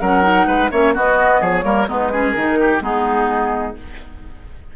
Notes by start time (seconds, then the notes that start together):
0.00 F#3 C#4 A#4 F#5
0.23 D#4
0.46 G#3 B4
0.71 A#3 C#4 C#5 E5
0.94 B3 F#4 D#5
1.41 F3 G#4 C#5
1.63 G3 A#3 A#4
1.88 G#3 B3 D#4 B4
2.12 C#4 G#4
2.30 D#3 A#4
2.38 D#4
2.60 G4
2.81 G#3 B3 D#4 G#4